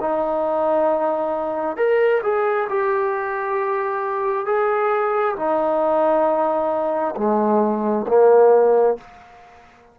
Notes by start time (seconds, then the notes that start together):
0.00 D#4
1.77 A#4
2.23 G#4
2.69 G4
4.46 G#4
5.36 D#4
7.16 G#3
8.08 A#3